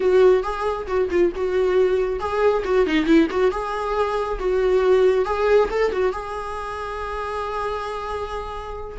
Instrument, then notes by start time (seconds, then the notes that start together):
viola
0.00 F#4
0.43 G#4
0.87 F#4
1.10 F4
1.35 F#4
2.19 G#4
2.64 F#4
2.86 D#4
3.05 E4
3.30 F#4
3.51 G#4
4.39 F#4
5.25 G#4
5.70 A4
5.91 F#4
6.12 G#4